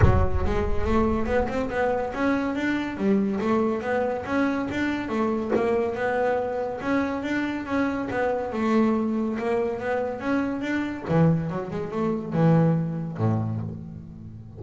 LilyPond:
\new Staff \with { instrumentName = "double bass" } { \time 4/4 \tempo 4 = 141 fis4 gis4 a4 b8 c'8 | b4 cis'4 d'4 g4 | a4 b4 cis'4 d'4 | a4 ais4 b2 |
cis'4 d'4 cis'4 b4 | a2 ais4 b4 | cis'4 d'4 e4 fis8 gis8 | a4 e2 a,4 | }